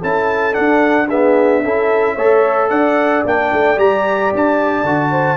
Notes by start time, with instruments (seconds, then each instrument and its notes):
0.00 tuba C#4, trombone E4, horn A4, trumpet A5
0.53 trombone D4, tuba D4, trumpet F#5
1.08 trombone B3, horn G#4, trumpet E5
1.64 tuba C#4, trombone E4, horn A4
2.16 tuba A3, trombone A4, horn C#5
2.70 tuba D4, horn D5, trumpet F#5
3.26 tuba A#3, trombone D4, trumpet G5
3.53 tuba A3
3.77 tuba G3, trombone G4, trumpet A#5
4.35 tuba D4, trumpet A5
4.84 tuba D3, trombone F#4
5.11 horn C5